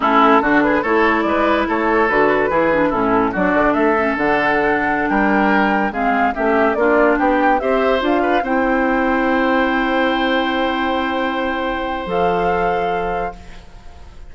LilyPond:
<<
  \new Staff \with { instrumentName = "flute" } { \time 4/4 \tempo 4 = 144 a'4. b'8 cis''4 d''4 | cis''4 b'2 a'4 | d''4 e''4 fis''2~ | fis''16 g''2 f''4 e''8.~ |
e''16 d''4 g''4 e''4 f''8.~ | f''16 g''2.~ g''8.~ | g''1~ | g''4 f''2. | }
  \new Staff \with { instrumentName = "oboe" } { \time 4/4 e'4 fis'8 gis'8 a'4 b'4 | a'2 gis'4 e'4 | fis'4 a'2.~ | a'16 ais'2 gis'4 g'8.~ |
g'16 f'4 g'4 c''4. b'16~ | b'16 c''2.~ c''8.~ | c''1~ | c''1 | }
  \new Staff \with { instrumentName = "clarinet" } { \time 4/4 cis'4 d'4 e'2~ | e'4 fis'4 e'8 d'8 cis'4 | d'4. cis'8 d'2~ | d'2~ d'16 c'4 cis'8.~ |
cis'16 d'2 g'4 f'8.~ | f'16 e'2.~ e'8.~ | e'1~ | e'4 a'2. | }
  \new Staff \with { instrumentName = "bassoon" } { \time 4/4 a4 d4 a4 gis4 | a4 d4 e4 a,4 | fis8 d8 a4 d2~ | d16 g2 gis4 a8.~ |
a16 ais4 b4 c'4 d'8.~ | d'16 c'2.~ c'8.~ | c'1~ | c'4 f2. | }
>>